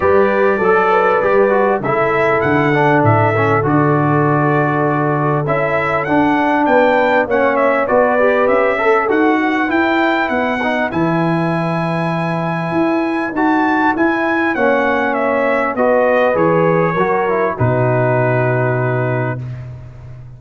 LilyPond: <<
  \new Staff \with { instrumentName = "trumpet" } { \time 4/4 \tempo 4 = 99 d''2. e''4 | fis''4 e''4 d''2~ | d''4 e''4 fis''4 g''4 | fis''8 e''8 d''4 e''4 fis''4 |
g''4 fis''4 gis''2~ | gis''2 a''4 gis''4 | fis''4 e''4 dis''4 cis''4~ | cis''4 b'2. | }
  \new Staff \with { instrumentName = "horn" } { \time 4/4 b'4 a'8 b'4. a'4~ | a'1~ | a'2. b'4 | cis''4 b'4. a'4 b'8~ |
b'1~ | b'1 | cis''2 b'2 | ais'4 fis'2. | }
  \new Staff \with { instrumentName = "trombone" } { \time 4/4 g'4 a'4 g'8 fis'8 e'4~ | e'8 d'4 cis'8 fis'2~ | fis'4 e'4 d'2 | cis'4 fis'8 g'4 a'8 fis'4 |
e'4. dis'8 e'2~ | e'2 fis'4 e'4 | cis'2 fis'4 gis'4 | fis'8 e'8 dis'2. | }
  \new Staff \with { instrumentName = "tuba" } { \time 4/4 g4 fis4 g4 cis4 | d4 a,4 d2~ | d4 cis'4 d'4 b4 | ais4 b4 cis'4 dis'4 |
e'4 b4 e2~ | e4 e'4 dis'4 e'4 | ais2 b4 e4 | fis4 b,2. | }
>>